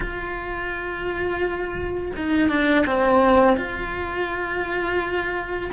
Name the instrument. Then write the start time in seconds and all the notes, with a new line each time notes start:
cello
0.00 F4
2.16 D#4
2.48 D4
2.86 C4
3.56 F4